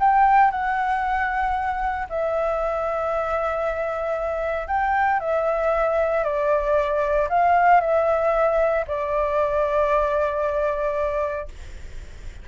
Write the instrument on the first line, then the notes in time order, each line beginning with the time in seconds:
flute
0.00 G5
0.51 F#5
2.10 E5
4.68 G5
5.20 E5
6.24 D5
7.29 F5
7.81 E5
8.88 D5